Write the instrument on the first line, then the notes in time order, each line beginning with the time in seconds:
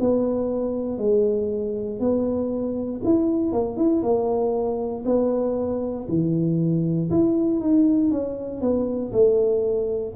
tuba
0.00 B3
0.98 G#3
2.00 B3
3.04 E4
3.52 A#3
3.77 E4
4.02 A#3
5.05 B3
6.08 E3
7.10 E4
7.60 D#4
8.11 C#4
8.61 B3
9.12 A3